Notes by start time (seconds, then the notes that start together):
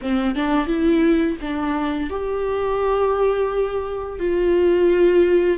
0.01 C4
0.35 D4
0.67 E4
1.41 D4
2.10 G4
4.19 F4